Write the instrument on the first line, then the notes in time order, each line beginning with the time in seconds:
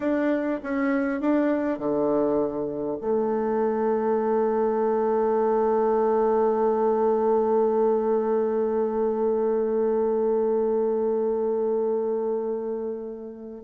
bassoon
0.00 D4
0.63 C#4
1.20 D4
1.78 D3
3.00 A3